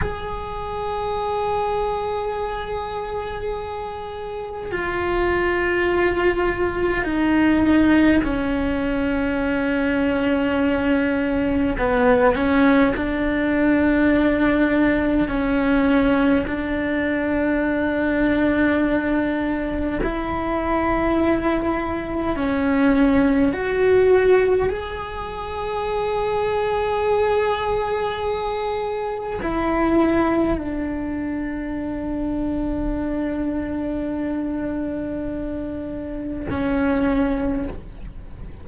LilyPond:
\new Staff \with { instrumentName = "cello" } { \time 4/4 \tempo 4 = 51 gis'1 | f'2 dis'4 cis'4~ | cis'2 b8 cis'8 d'4~ | d'4 cis'4 d'2~ |
d'4 e'2 cis'4 | fis'4 gis'2.~ | gis'4 e'4 d'2~ | d'2. cis'4 | }